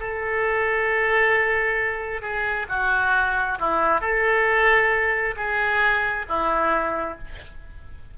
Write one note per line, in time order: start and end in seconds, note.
0.00 2.22 A4
2.22 2.67 G#4
2.69 3.59 F#4
3.60 4.01 E4
4.01 5.36 A4
5.36 6.26 G#4
6.29 7.18 E4